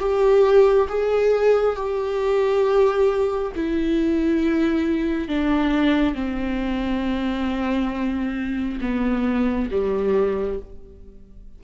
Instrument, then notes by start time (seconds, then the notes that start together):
viola
0.00 G4
0.89 G#4
1.76 G4
3.56 E4
5.28 D4
6.15 C4
8.82 B3
9.71 G3